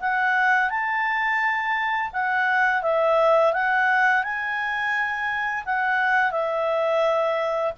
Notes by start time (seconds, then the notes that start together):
0.00 F#5
0.70 A5
2.12 F#5
2.82 E5
3.53 F#5
4.23 G#5
5.65 F#5
6.31 E5